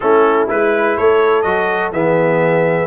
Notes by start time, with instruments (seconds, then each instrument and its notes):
0.00 tuba A3, trombone C#4, horn E4, trumpet A4
0.47 tuba G#3, trombone E4, trumpet B4
0.96 tuba A3, horn A4, trumpet C#5
1.42 tuba F#3, trombone F#4, trumpet D#5
1.92 tuba E3, trombone B3, horn G#4, trumpet E5